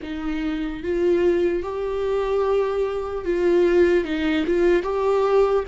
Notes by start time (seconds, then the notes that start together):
0.02 D#4
0.83 F4
1.63 G4
3.24 F4
4.04 D#4
4.46 F4
4.82 G4